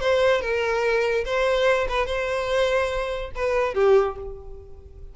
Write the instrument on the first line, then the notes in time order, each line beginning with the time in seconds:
violin
0.00 C5
0.41 A#4
1.25 C5
1.89 B4
2.06 C5
3.35 B4
3.74 G4